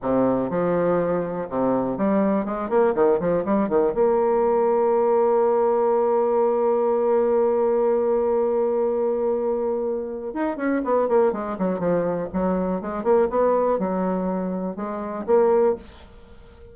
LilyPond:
\new Staff \with { instrumentName = "bassoon" } { \time 4/4 \tempo 4 = 122 c4 f2 c4 | g4 gis8 ais8 dis8 f8 g8 dis8 | ais1~ | ais1~ |
ais1~ | ais4 dis'8 cis'8 b8 ais8 gis8 fis8 | f4 fis4 gis8 ais8 b4 | fis2 gis4 ais4 | }